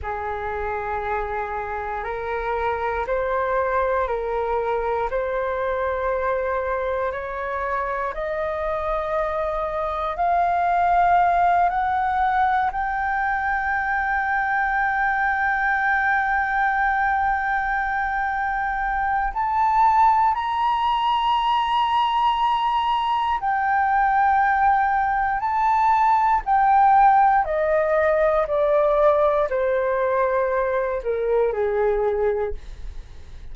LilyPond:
\new Staff \with { instrumentName = "flute" } { \time 4/4 \tempo 4 = 59 gis'2 ais'4 c''4 | ais'4 c''2 cis''4 | dis''2 f''4. fis''8~ | fis''8 g''2.~ g''8~ |
g''2. a''4 | ais''2. g''4~ | g''4 a''4 g''4 dis''4 | d''4 c''4. ais'8 gis'4 | }